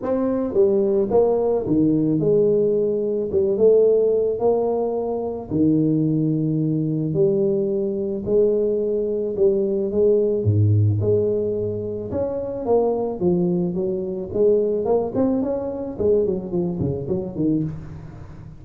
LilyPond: \new Staff \with { instrumentName = "tuba" } { \time 4/4 \tempo 4 = 109 c'4 g4 ais4 dis4 | gis2 g8 a4. | ais2 dis2~ | dis4 g2 gis4~ |
gis4 g4 gis4 gis,4 | gis2 cis'4 ais4 | f4 fis4 gis4 ais8 c'8 | cis'4 gis8 fis8 f8 cis8 fis8 dis8 | }